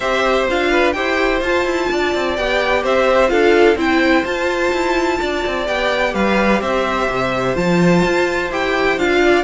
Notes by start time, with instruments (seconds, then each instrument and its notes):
0.00 cello C4, viola G4, violin C5 E5
0.49 cello D4, viola F4, violin F5
0.70 violin B4
0.92 cello E4, viola G4, violin C5 G5
1.41 cello F4, viola F4, violin A5
1.64 cello E4
1.91 cello D4, violin D5
2.15 cello C4
2.36 cello B3, viola G4, violin G5
2.83 cello C4, violin C5 E5
3.28 cello D4, viola F4, violin A4 F5
3.75 cello C4, viola E4, violin C5 G5
4.24 viola F4, cello F4, violin A5
4.72 cello E4
5.20 cello D4, violin D5
5.46 cello C4
5.66 cello B3, viola G4, violin G5
6.13 cello G3, violin B4 F5
6.61 cello C4, violin C5 E5
7.09 cello C3
7.54 cello F3, viola F4, violin A5
8.04 cello F4
8.51 cello E4, viola G4, violin G5
8.97 cello D4, viola F4, violin F5
9.22 violin D5